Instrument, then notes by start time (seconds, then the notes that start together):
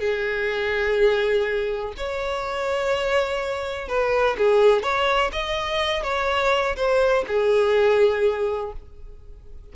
violin
0.00 G#4
1.97 C#5
3.88 B4
4.38 G#4
4.83 C#5
5.32 D#5
6.03 C#5
6.77 C5
7.28 G#4